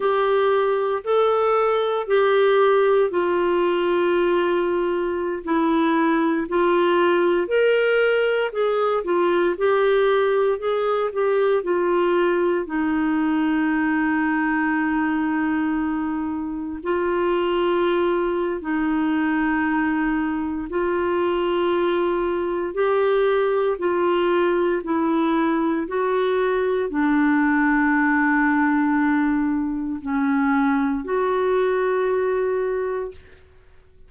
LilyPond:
\new Staff \with { instrumentName = "clarinet" } { \time 4/4 \tempo 4 = 58 g'4 a'4 g'4 f'4~ | f'4~ f'16 e'4 f'4 ais'8.~ | ais'16 gis'8 f'8 g'4 gis'8 g'8 f'8.~ | f'16 dis'2.~ dis'8.~ |
dis'16 f'4.~ f'16 dis'2 | f'2 g'4 f'4 | e'4 fis'4 d'2~ | d'4 cis'4 fis'2 | }